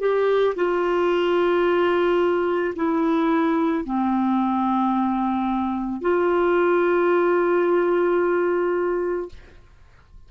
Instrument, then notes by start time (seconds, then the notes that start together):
clarinet
0.00 G4
0.56 F4
2.75 E4
3.85 C4
6.01 F4